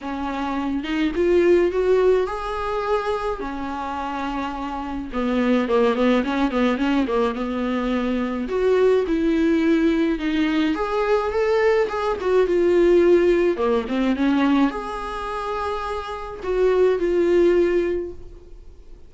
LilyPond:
\new Staff \with { instrumentName = "viola" } { \time 4/4 \tempo 4 = 106 cis'4. dis'8 f'4 fis'4 | gis'2 cis'2~ | cis'4 b4 ais8 b8 cis'8 b8 | cis'8 ais8 b2 fis'4 |
e'2 dis'4 gis'4 | a'4 gis'8 fis'8 f'2 | ais8 c'8 cis'4 gis'2~ | gis'4 fis'4 f'2 | }